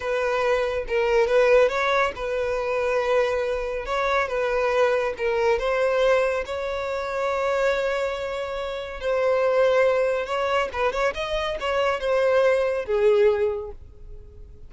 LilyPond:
\new Staff \with { instrumentName = "violin" } { \time 4/4 \tempo 4 = 140 b'2 ais'4 b'4 | cis''4 b'2.~ | b'4 cis''4 b'2 | ais'4 c''2 cis''4~ |
cis''1~ | cis''4 c''2. | cis''4 b'8 cis''8 dis''4 cis''4 | c''2 gis'2 | }